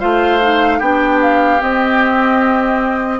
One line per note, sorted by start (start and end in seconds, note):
0.00 0.81 A3
0.00 0.40 F4
0.00 0.79 C5
0.00 0.80 F5
0.41 0.81 D#4
0.79 1.61 B3
0.79 1.60 D4
0.79 3.19 G4
0.79 1.20 G5
1.22 1.62 F5
1.60 3.20 C4
1.60 3.20 D#5